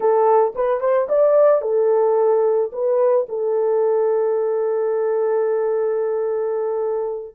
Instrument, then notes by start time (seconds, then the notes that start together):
horn
0.00 A4
0.55 B4
0.80 C5
1.09 D5
1.61 A4
2.72 B4
3.29 A4